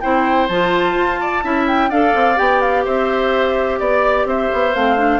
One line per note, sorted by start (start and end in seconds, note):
0.00 0.49 C4
0.00 0.49 E4
0.00 1.20 C5
0.00 0.47 G5
0.48 0.94 F3
0.48 1.42 F4
0.48 1.66 A5
0.94 1.42 F4
1.20 1.43 D5
1.42 1.90 C#4
1.42 1.89 E4
1.42 1.89 E5
1.67 1.91 G5
1.89 2.14 D4
1.89 2.36 A4
1.89 2.84 D5
1.89 2.37 F5
2.14 2.38 C4
2.36 2.86 B3
2.36 4.72 G4
2.36 2.60 G5
2.60 2.84 F5
2.84 3.79 C4
2.84 3.79 C5
2.84 3.79 E5
3.79 4.25 B3
3.79 4.26 D5
3.79 4.27 D5
4.25 4.48 C4
4.25 5.19 C5
4.25 4.75 E5
4.53 4.75 B3
4.73 5.19 A3
4.73 4.96 C4
4.73 5.19 F5
4.96 5.19 D4